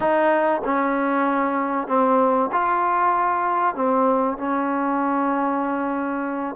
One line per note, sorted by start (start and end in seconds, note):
0.00 0.61 D#4
0.64 1.87 C#4
1.87 2.50 C4
2.51 3.75 F4
3.75 4.37 C4
4.37 6.55 C#4